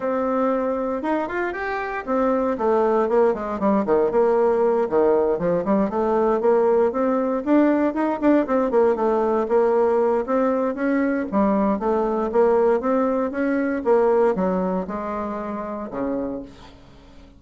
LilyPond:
\new Staff \with { instrumentName = "bassoon" } { \time 4/4 \tempo 4 = 117 c'2 dis'8 f'8 g'4 | c'4 a4 ais8 gis8 g8 dis8 | ais4. dis4 f8 g8 a8~ | a8 ais4 c'4 d'4 dis'8 |
d'8 c'8 ais8 a4 ais4. | c'4 cis'4 g4 a4 | ais4 c'4 cis'4 ais4 | fis4 gis2 cis4 | }